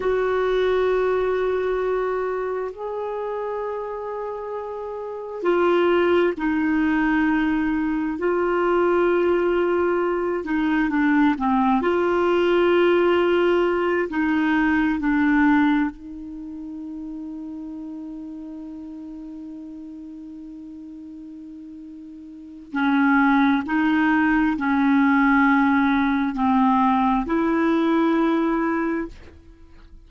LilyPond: \new Staff \with { instrumentName = "clarinet" } { \time 4/4 \tempo 4 = 66 fis'2. gis'4~ | gis'2 f'4 dis'4~ | dis'4 f'2~ f'8 dis'8 | d'8 c'8 f'2~ f'8 dis'8~ |
dis'8 d'4 dis'2~ dis'8~ | dis'1~ | dis'4 cis'4 dis'4 cis'4~ | cis'4 c'4 e'2 | }